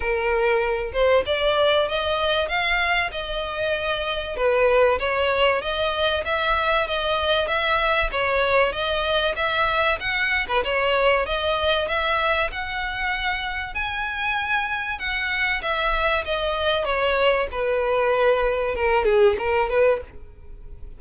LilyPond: \new Staff \with { instrumentName = "violin" } { \time 4/4 \tempo 4 = 96 ais'4. c''8 d''4 dis''4 | f''4 dis''2 b'4 | cis''4 dis''4 e''4 dis''4 | e''4 cis''4 dis''4 e''4 |
fis''8. b'16 cis''4 dis''4 e''4 | fis''2 gis''2 | fis''4 e''4 dis''4 cis''4 | b'2 ais'8 gis'8 ais'8 b'8 | }